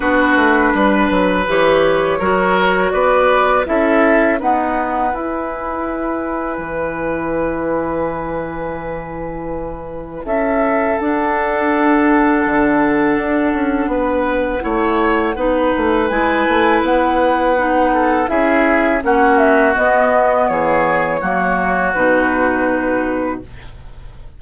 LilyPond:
<<
  \new Staff \with { instrumentName = "flute" } { \time 4/4 \tempo 4 = 82 b'2 cis''2 | d''4 e''4 fis''4 gis''4~ | gis''1~ | gis''2 e''4 fis''4~ |
fis''1~ | fis''2 gis''4 fis''4~ | fis''4 e''4 fis''8 e''8 dis''4 | cis''2 b'2 | }
  \new Staff \with { instrumentName = "oboe" } { \time 4/4 fis'4 b'2 ais'4 | b'4 a'4 b'2~ | b'1~ | b'2 a'2~ |
a'2. b'4 | cis''4 b'2.~ | b'8 a'8 gis'4 fis'2 | gis'4 fis'2. | }
  \new Staff \with { instrumentName = "clarinet" } { \time 4/4 d'2 g'4 fis'4~ | fis'4 e'4 b4 e'4~ | e'1~ | e'2. d'4~ |
d'1 | e'4 dis'4 e'2 | dis'4 e'4 cis'4 b4~ | b4 ais4 dis'2 | }
  \new Staff \with { instrumentName = "bassoon" } { \time 4/4 b8 a8 g8 fis8 e4 fis4 | b4 cis'4 dis'4 e'4~ | e'4 e2.~ | e2 cis'4 d'4~ |
d'4 d4 d'8 cis'8 b4 | a4 b8 a8 gis8 a8 b4~ | b4 cis'4 ais4 b4 | e4 fis4 b,2 | }
>>